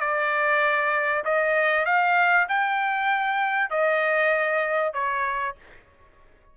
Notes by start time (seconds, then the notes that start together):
0.00 D5
1.25 D#5
1.86 F5
2.49 G5
3.70 D#5
4.93 C#5